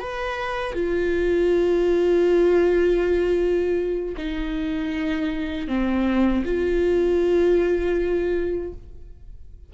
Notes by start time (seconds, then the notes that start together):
0.00 B4
0.74 F4
4.18 D#4
5.68 C4
6.45 F4